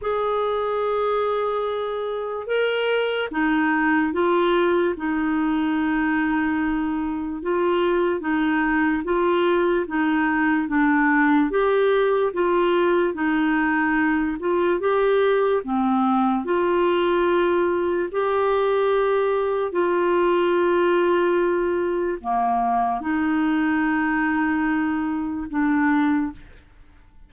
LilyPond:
\new Staff \with { instrumentName = "clarinet" } { \time 4/4 \tempo 4 = 73 gis'2. ais'4 | dis'4 f'4 dis'2~ | dis'4 f'4 dis'4 f'4 | dis'4 d'4 g'4 f'4 |
dis'4. f'8 g'4 c'4 | f'2 g'2 | f'2. ais4 | dis'2. d'4 | }